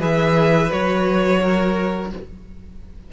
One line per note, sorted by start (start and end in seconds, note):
0.00 0.70 E3
0.00 0.70 G#4
0.00 1.40 B4
0.00 0.72 E5
0.71 2.12 F#3
0.71 2.10 F#4
0.71 2.11 C#5
1.42 2.11 A#4